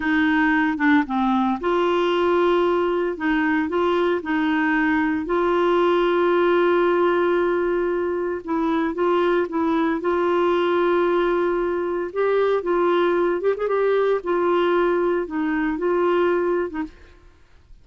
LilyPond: \new Staff \with { instrumentName = "clarinet" } { \time 4/4 \tempo 4 = 114 dis'4. d'8 c'4 f'4~ | f'2 dis'4 f'4 | dis'2 f'2~ | f'1 |
e'4 f'4 e'4 f'4~ | f'2. g'4 | f'4. g'16 gis'16 g'4 f'4~ | f'4 dis'4 f'4.~ f'16 dis'16 | }